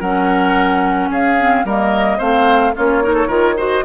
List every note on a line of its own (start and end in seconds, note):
0.00 1.09 F#3
0.00 1.38 C#4
0.00 1.09 A#4
0.00 1.09 F#5
1.10 1.64 C#4
1.10 1.65 G#4
1.10 1.67 F5
1.38 1.66 C4
1.64 2.19 G3
1.64 2.19 A#3
1.64 2.18 A#4
1.64 2.20 D#5
2.18 2.75 A3
2.18 2.74 C4
2.18 2.72 C5
2.18 2.74 F5
2.76 3.28 A#3
2.76 3.03 C#4
2.76 3.03 F4
2.76 3.58 C#5
3.03 3.28 D#4
3.03 3.14 A#4
3.14 3.27 A4
3.27 3.82 D#3
3.27 3.55 F4
3.27 3.54 A#4
3.57 3.84 F#4
3.57 3.84 C5
3.57 3.85 D#5